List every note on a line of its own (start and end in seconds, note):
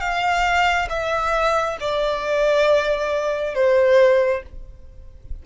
0.00 0.88 F5
0.89 1.77 E5
1.80 3.55 D5
3.55 4.43 C5